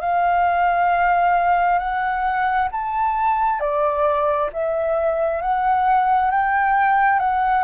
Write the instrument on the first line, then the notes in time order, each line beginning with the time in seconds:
flute
0.00 F5
1.79 F#5
2.71 A5
3.59 D5
4.52 E5
5.41 F#5
6.31 G5
7.19 F#5